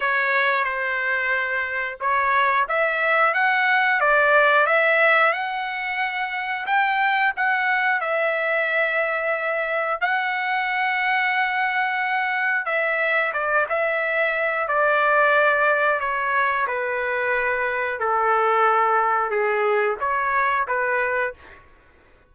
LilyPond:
\new Staff \with { instrumentName = "trumpet" } { \time 4/4 \tempo 4 = 90 cis''4 c''2 cis''4 | e''4 fis''4 d''4 e''4 | fis''2 g''4 fis''4 | e''2. fis''4~ |
fis''2. e''4 | d''8 e''4. d''2 | cis''4 b'2 a'4~ | a'4 gis'4 cis''4 b'4 | }